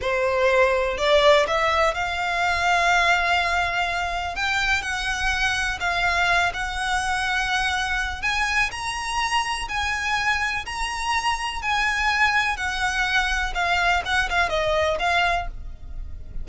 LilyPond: \new Staff \with { instrumentName = "violin" } { \time 4/4 \tempo 4 = 124 c''2 d''4 e''4 | f''1~ | f''4 g''4 fis''2 | f''4. fis''2~ fis''8~ |
fis''4 gis''4 ais''2 | gis''2 ais''2 | gis''2 fis''2 | f''4 fis''8 f''8 dis''4 f''4 | }